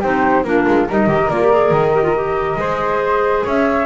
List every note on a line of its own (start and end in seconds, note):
0.00 0.44 C4
0.00 0.45 D#4
0.00 0.43 G4
0.00 0.44 C5
0.44 0.66 A#3
0.44 0.88 D4
0.44 0.88 F4
0.44 0.87 A#4
0.67 0.89 G#3
0.88 1.07 G3
0.88 1.07 D#4
0.88 2.59 A#4
0.88 1.30 D#5
1.07 1.28 D#3
1.07 1.29 G4
1.30 1.71 A#3
1.30 1.42 F4
1.30 1.73 D5
1.42 1.53 G4
1.53 1.94 G#4
1.71 2.56 D#3
1.71 3.44 D#5
1.94 2.04 G4
2.04 2.15 F4
2.15 2.58 G4
2.56 3.42 G#3
2.56 3.86 G#4
2.56 3.45 C5
3.45 3.86 C#4
3.45 3.86 C#5
3.45 3.86 E5